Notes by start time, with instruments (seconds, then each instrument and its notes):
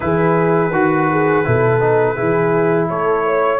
0.00 tuba E3, trombone E4, horn G#4, trumpet B4
0.71 tuba D#3, trombone F#4, horn F#4
1.10 horn G#4
1.44 tuba B2, trombone E4, horn A4
1.80 trombone D#4
2.15 tuba E3, trombone E4, horn G#4
2.88 tuba A3, horn A4, trumpet C#5
3.25 horn C#5